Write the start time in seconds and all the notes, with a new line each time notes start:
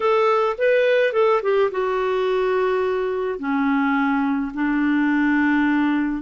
0.00 A4
0.58 B4
1.12 A4
1.42 G4
1.71 F#4
3.38 C#4
4.54 D4